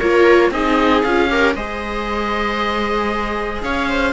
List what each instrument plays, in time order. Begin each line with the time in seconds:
0.00 cello A#3, viola F4 A#4, oboe C#5
0.52 cello C4, viola D#4 G#4, oboe D#5
1.03 cello C#4, viola F4, oboe F5
1.30 viola G4 A#4
1.56 cello G#3, viola G#4 C5, oboe D#5
3.63 cello C#4, viola C#5, oboe F5
3.90 viola C5